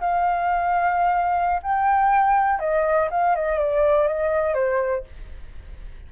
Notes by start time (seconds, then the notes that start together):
0.00 F5
1.62 G5
2.59 D#5
3.10 F5
3.35 D#5
3.58 D5
4.07 D#5
4.54 C5